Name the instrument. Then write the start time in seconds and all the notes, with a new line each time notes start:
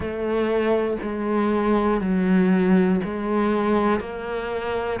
cello
0.00 A3
1.02 G#3
2.00 F#3
3.04 G#3
4.00 A#3